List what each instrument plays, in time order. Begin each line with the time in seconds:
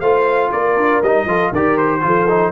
0.00 tuba A3, trombone F4, horn C5, trumpet F5
0.51 tuba A#3, horn A#4, trumpet D5
0.76 tuba D4
1.02 tuba G3, trombone D#4, trumpet D#5
1.25 tuba F3, trombone F4, horn A4
1.52 tuba D#3, trombone G4, horn A#4, trumpet D5
1.77 trumpet C5
2.01 tuba F3, trombone F4, horn A4
2.28 trombone D#4